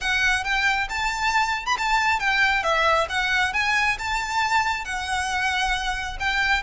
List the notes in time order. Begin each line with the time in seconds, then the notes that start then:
0.00 F#5
0.44 G5
0.89 A5
1.65 B5
1.78 A5
2.19 G5
2.63 E5
3.09 F#5
3.53 G#5
3.98 A5
4.84 F#5
6.19 G5